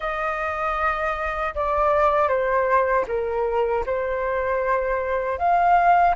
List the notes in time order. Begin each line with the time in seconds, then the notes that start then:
0.00 D#5
1.55 D5
2.28 C5
3.07 A#4
3.86 C5
5.38 F5